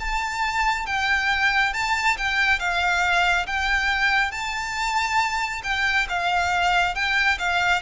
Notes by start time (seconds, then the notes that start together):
0.00 A5
0.87 G5
1.74 A5
2.18 G5
2.60 F5
3.47 G5
4.32 A5
5.64 G5
6.09 F5
6.95 G5
7.39 F5